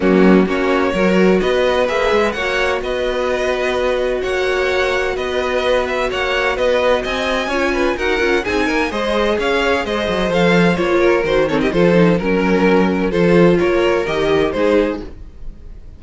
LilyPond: <<
  \new Staff \with { instrumentName = "violin" } { \time 4/4 \tempo 4 = 128 fis'4 cis''2 dis''4 | e''4 fis''4 dis''2~ | dis''4 fis''2 dis''4~ | dis''8 e''8 fis''4 dis''4 gis''4~ |
gis''4 fis''4 gis''4 dis''4 | f''4 dis''4 f''4 cis''4 | c''8 cis''16 dis''16 c''4 ais'2 | c''4 cis''4 dis''4 c''4 | }
  \new Staff \with { instrumentName = "violin" } { \time 4/4 cis'4 fis'4 ais'4 b'4~ | b'4 cis''4 b'2~ | b'4 cis''2 b'4~ | b'4 cis''4 b'4 dis''4 |
cis''8 b'8 ais'4 gis'8 ais'8 c''4 | cis''4 c''2~ c''8 ais'8~ | ais'8 a'16 g'16 a'4 ais'2 | a'4 ais'2 gis'4 | }
  \new Staff \with { instrumentName = "viola" } { \time 4/4 ais4 cis'4 fis'2 | gis'4 fis'2.~ | fis'1~ | fis'1 |
f'4 fis'8 f'8 dis'4 gis'4~ | gis'2 a'4 f'4 | fis'8 c'8 f'8 dis'8 cis'2 | f'2 g'4 dis'4 | }
  \new Staff \with { instrumentName = "cello" } { \time 4/4 fis4 ais4 fis4 b4 | ais8 gis8 ais4 b2~ | b4 ais2 b4~ | b4 ais4 b4 c'4 |
cis'4 dis'8 cis'8 c'8 ais8 gis4 | cis'4 gis8 fis8 f4 ais4 | dis4 f4 fis2 | f4 ais4 dis4 gis4 | }
>>